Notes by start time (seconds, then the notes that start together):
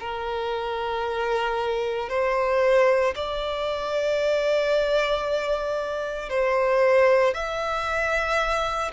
0.00 A#4
2.10 C5
3.16 D5
6.30 C5
7.34 E5